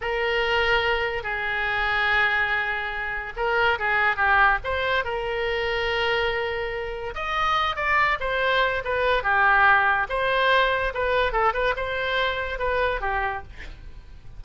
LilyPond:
\new Staff \with { instrumentName = "oboe" } { \time 4/4 \tempo 4 = 143 ais'2. gis'4~ | gis'1 | ais'4 gis'4 g'4 c''4 | ais'1~ |
ais'4 dis''4. d''4 c''8~ | c''4 b'4 g'2 | c''2 b'4 a'8 b'8 | c''2 b'4 g'4 | }